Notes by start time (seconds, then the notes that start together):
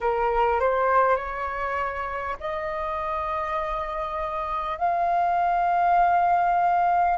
0.00 A#4
0.59 C5
1.16 C#5
2.39 D#5
4.77 F5